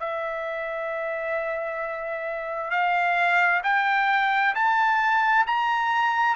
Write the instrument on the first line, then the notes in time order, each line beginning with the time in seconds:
trumpet
0.00 E5
2.71 F5
3.64 G5
4.55 A5
5.47 A#5